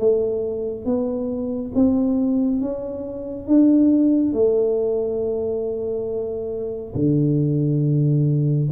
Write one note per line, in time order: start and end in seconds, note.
0.00 0.85 A3
0.85 1.72 B3
1.75 2.61 C4
2.61 3.48 C#4
3.48 4.33 D4
4.33 6.94 A3
6.95 8.69 D3